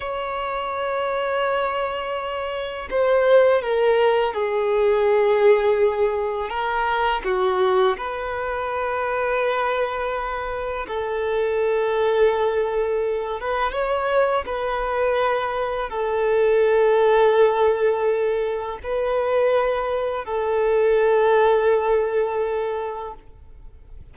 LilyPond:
\new Staff \with { instrumentName = "violin" } { \time 4/4 \tempo 4 = 83 cis''1 | c''4 ais'4 gis'2~ | gis'4 ais'4 fis'4 b'4~ | b'2. a'4~ |
a'2~ a'8 b'8 cis''4 | b'2 a'2~ | a'2 b'2 | a'1 | }